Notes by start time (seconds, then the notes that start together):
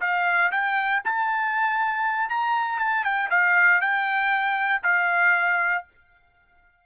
0.00 F5
0.52 G5
1.05 A5
2.29 A#5
2.79 A5
3.04 G5
3.30 F5
3.81 G5
4.83 F5